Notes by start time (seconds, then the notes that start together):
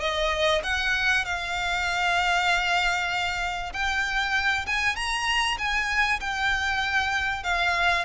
0.00 D#5
0.64 F#5
1.25 F5
3.73 G5
4.66 G#5
4.96 A#5
5.58 G#5
6.20 G5
7.43 F5